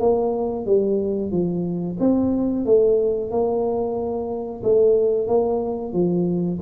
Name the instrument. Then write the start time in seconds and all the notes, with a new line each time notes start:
tuba
0.00 A#3
0.66 G3
1.31 F3
2.00 C4
2.66 A3
3.31 A#3
4.64 A3
5.28 A#3
5.93 F3